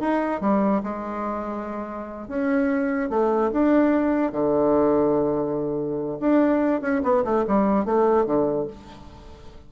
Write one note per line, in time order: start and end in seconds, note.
0.00 0.41 D#4
0.41 0.82 G3
0.84 2.29 G#3
2.29 3.10 C#4
3.10 3.51 A3
3.52 4.32 D4
4.32 6.18 D3
6.20 6.82 D4
6.82 7.02 C#4
7.03 7.24 B3
7.25 7.45 A3
7.47 7.85 G3
7.85 8.26 A3
8.26 8.67 D3